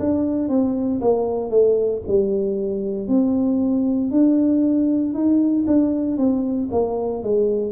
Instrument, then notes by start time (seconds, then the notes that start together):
tuba
0.00 D4
0.49 C4
1.02 A#3
1.50 A3
2.08 G3
3.08 C4
4.11 D4
5.14 D#4
5.68 D4
6.18 C4
6.72 A#3
7.23 G#3